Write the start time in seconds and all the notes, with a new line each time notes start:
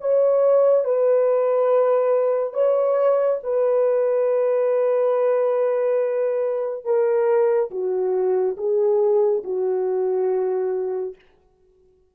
0.00 C#5
0.85 B4
2.54 C#5
3.43 B4
6.85 A#4
7.71 F#4
8.57 G#4
9.44 F#4